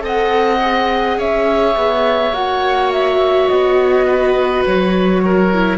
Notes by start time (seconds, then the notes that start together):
0.00 C4 A4 D#5 F#5
0.61 G#4
1.18 C#4 C#5 E5
1.76 B3
2.32 A#3 F#4 F#5
2.92 E5
3.49 B3 D#5
4.07 B4
4.66 F#3 C#5
5.25 A#4
5.52 E4